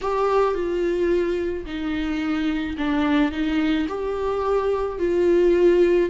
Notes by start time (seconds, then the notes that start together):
0.01 G4
0.54 F4
1.65 D#4
2.77 D4
3.31 D#4
3.88 G4
4.98 F4